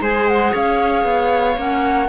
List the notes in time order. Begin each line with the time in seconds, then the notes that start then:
0.00 G#3 G#4 C5 G#5
0.28 F#5
0.52 C#4 C#5 F5
1.04 B3
1.56 A#3 C#4 F#5